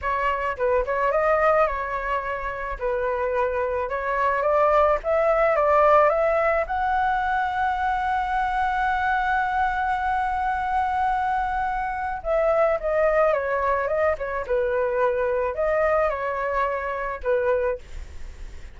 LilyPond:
\new Staff \with { instrumentName = "flute" } { \time 4/4 \tempo 4 = 108 cis''4 b'8 cis''8 dis''4 cis''4~ | cis''4 b'2 cis''4 | d''4 e''4 d''4 e''4 | fis''1~ |
fis''1~ | fis''2 e''4 dis''4 | cis''4 dis''8 cis''8 b'2 | dis''4 cis''2 b'4 | }